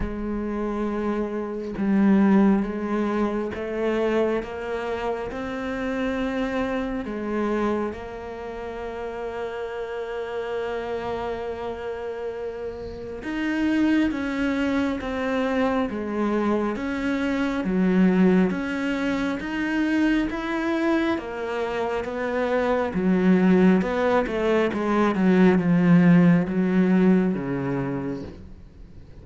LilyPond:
\new Staff \with { instrumentName = "cello" } { \time 4/4 \tempo 4 = 68 gis2 g4 gis4 | a4 ais4 c'2 | gis4 ais2.~ | ais2. dis'4 |
cis'4 c'4 gis4 cis'4 | fis4 cis'4 dis'4 e'4 | ais4 b4 fis4 b8 a8 | gis8 fis8 f4 fis4 cis4 | }